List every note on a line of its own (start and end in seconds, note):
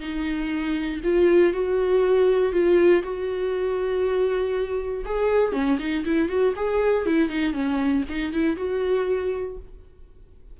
0.00 1.01 D#4
1.04 1.53 F4
1.53 2.52 F#4
2.52 3.03 F4
3.03 5.05 F#4
5.05 5.53 G#4
5.53 5.78 C#4
5.79 6.05 D#4
6.05 6.29 E4
6.29 6.54 F#4
6.56 7.06 G#4
7.06 7.29 E4
7.29 7.53 D#4
7.53 8.04 C#4
8.09 8.33 D#4
8.33 8.57 E4
8.57 9.58 F#4